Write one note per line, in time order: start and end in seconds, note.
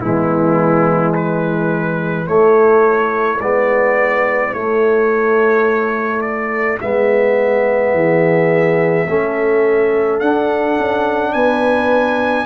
0.00 2.28 E3
0.00 2.26 G#3
0.00 1.14 B3
0.00 1.13 E4
1.14 7.93 E4
1.14 2.27 B4
2.26 3.39 A3
2.26 3.40 C#5
3.39 4.53 G#3
3.39 4.54 B3
3.39 4.53 D5
4.53 6.79 A3
4.53 6.80 A3
4.53 6.21 C#5
6.21 6.78 D5
6.80 7.93 G#3
6.80 9.07 B3
6.80 10.20 E5
7.93 9.06 E3
7.93 9.08 G#4
9.07 10.21 A3
9.07 10.21 C#4
9.07 11.33 A4
10.20 10.77 D4
10.20 12.46 D4
10.20 11.33 F#5
10.78 11.34 C#4
11.33 12.46 B3
11.33 12.46 B4
11.33 12.46 G#5